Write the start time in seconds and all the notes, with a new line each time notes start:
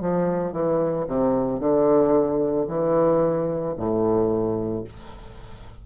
0.00 F3
0.52 E3
1.08 C3
1.59 D3
2.67 E3
3.76 A2